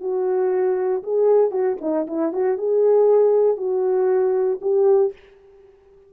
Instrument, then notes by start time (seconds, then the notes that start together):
horn
0.00 F#4
1.03 G#4
1.51 F#4
1.81 D#4
2.07 E4
2.32 F#4
2.58 G#4
3.57 F#4
4.62 G4